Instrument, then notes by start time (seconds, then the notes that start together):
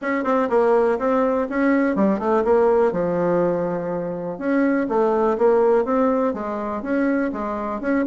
bassoon
0.01 C#4
0.24 C4
0.49 A#3
0.98 C4
1.49 C#4
1.95 G3
2.19 A3
2.44 A#3
2.91 F3
4.38 C#4
4.88 A3
5.37 A#3
5.84 C4
6.33 G#3
6.82 C#4
7.32 G#3
7.80 C#4